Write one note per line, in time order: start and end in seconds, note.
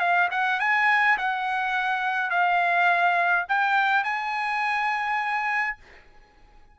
0.00 0.29 F5
0.31 0.60 F#5
0.60 1.18 G#5
1.18 2.31 F#5
2.31 3.46 F5
3.49 4.04 G5
4.04 5.77 G#5